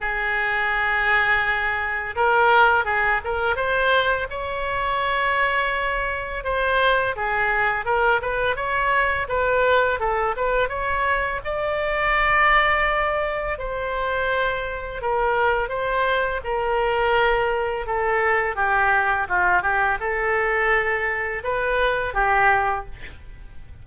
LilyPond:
\new Staff \with { instrumentName = "oboe" } { \time 4/4 \tempo 4 = 84 gis'2. ais'4 | gis'8 ais'8 c''4 cis''2~ | cis''4 c''4 gis'4 ais'8 b'8 | cis''4 b'4 a'8 b'8 cis''4 |
d''2. c''4~ | c''4 ais'4 c''4 ais'4~ | ais'4 a'4 g'4 f'8 g'8 | a'2 b'4 g'4 | }